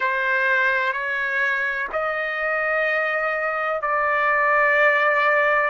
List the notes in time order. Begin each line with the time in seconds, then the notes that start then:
0.00 C5
0.93 C#5
1.92 D#5
3.81 D5